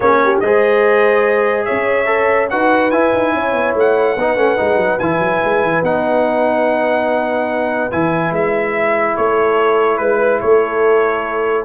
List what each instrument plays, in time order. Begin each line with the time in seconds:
0.00 tuba A#3, trombone C#4, horn G#4, trumpet C#5
0.23 horn G4
0.39 tuba G#3, trombone G#4, horn C5, trumpet D#5
1.64 tuba C#4, horn C#5, trumpet E5
2.05 trombone A4
2.49 tuba D#4, trombone F#4, horn B4, trumpet F#5
2.90 tuba E4, trombone E4, trumpet G#5
3.13 tuba D#4
3.34 tuba C#4, horn C#5
3.52 tuba B3
3.74 tuba A3, trumpet F#5
4.15 tuba B3, trombone D#4, horn B4
4.35 tuba A3, trombone C#4
4.57 tuba G#3, trombone D#4
4.76 tuba F#3
4.99 tuba E3, trombone E4, trumpet G#5
5.19 tuba F#3
5.44 tuba G#3
5.62 tuba E3
5.82 tuba B3, trombone D#4, trumpet F#5
7.91 tuba E3, trombone E4, trumpet G#5
8.31 tuba G#3, trumpet E5
9.16 tuba A3, horn A4, trumpet C#5
9.97 tuba G#3, trumpet B4, horn B4
10.40 tuba A3, horn A4, trumpet C#5